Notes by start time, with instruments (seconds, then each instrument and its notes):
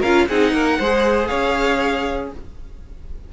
0.00 cello C#4, viola F4, violin A#4 F5
0.28 cello C4, viola D#4, violin G#4 F#5
0.53 cello A#3, violin A#4
0.78 cello G#3, viola G#4, violin C5
1.27 cello C#4, violin C#5 F5